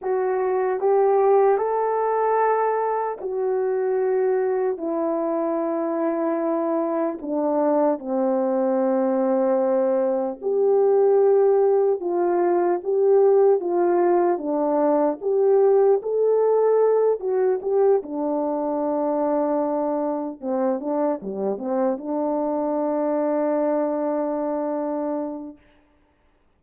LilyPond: \new Staff \with { instrumentName = "horn" } { \time 4/4 \tempo 4 = 75 fis'4 g'4 a'2 | fis'2 e'2~ | e'4 d'4 c'2~ | c'4 g'2 f'4 |
g'4 f'4 d'4 g'4 | a'4. fis'8 g'8 d'4.~ | d'4. c'8 d'8 g8 c'8 d'8~ | d'1 | }